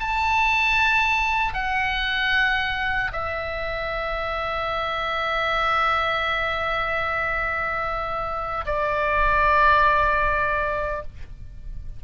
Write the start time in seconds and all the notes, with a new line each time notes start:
0.00 A5
1.54 F#5
3.13 E5
8.66 D5